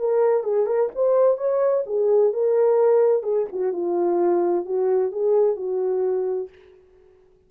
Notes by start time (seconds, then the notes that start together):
0.00 A#4
0.44 G#4
0.67 A#4
0.96 C5
1.38 C#5
1.87 G#4
2.33 A#4
3.23 G#4
3.53 F#4
3.73 F4
4.66 F#4
5.12 G#4
5.57 F#4